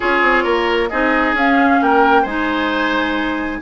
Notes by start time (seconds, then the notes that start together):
0.00 C#4 F4 G#4 C#5
0.22 C4
0.43 A#3 A#4
0.88 C4 D#4 G#4 D#5
1.33 C#4 F5
1.81 A#3 A#4 G5
2.22 G#3 D#4 C5 G#5